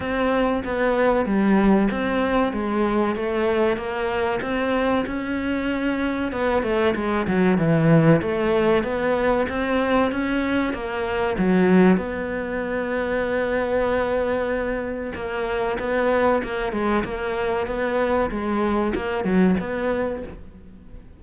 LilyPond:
\new Staff \with { instrumentName = "cello" } { \time 4/4 \tempo 4 = 95 c'4 b4 g4 c'4 | gis4 a4 ais4 c'4 | cis'2 b8 a8 gis8 fis8 | e4 a4 b4 c'4 |
cis'4 ais4 fis4 b4~ | b1 | ais4 b4 ais8 gis8 ais4 | b4 gis4 ais8 fis8 b4 | }